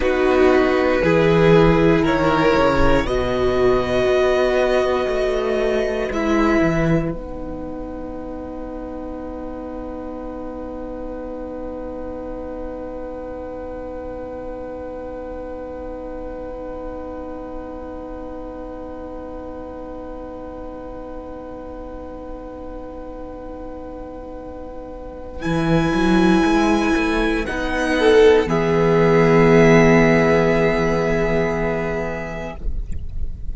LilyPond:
<<
  \new Staff \with { instrumentName = "violin" } { \time 4/4 \tempo 4 = 59 b'2 cis''4 dis''4~ | dis''2 e''4 fis''4~ | fis''1~ | fis''1~ |
fis''1~ | fis''1~ | fis''4 gis''2 fis''4 | e''1 | }
  \new Staff \with { instrumentName = "violin" } { \time 4/4 fis'4 gis'4 ais'4 b'4~ | b'1~ | b'1~ | b'1~ |
b'1~ | b'1~ | b'2.~ b'8 a'8 | gis'1 | }
  \new Staff \with { instrumentName = "viola" } { \time 4/4 dis'4 e'2 fis'4~ | fis'2 e'4 dis'4~ | dis'1~ | dis'1~ |
dis'1~ | dis'1~ | dis'4 e'2 dis'4 | b1 | }
  \new Staff \with { instrumentName = "cello" } { \time 4/4 b4 e4 dis8 cis8 b,4 | b4 a4 gis8 e8 b4~ | b1~ | b1~ |
b1~ | b1~ | b4 e8 fis8 gis8 a8 b4 | e1 | }
>>